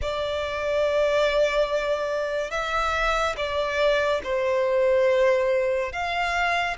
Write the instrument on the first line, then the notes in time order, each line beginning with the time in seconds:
violin
0.01 D5
2.50 E5
3.36 D5
4.23 C5
5.92 F5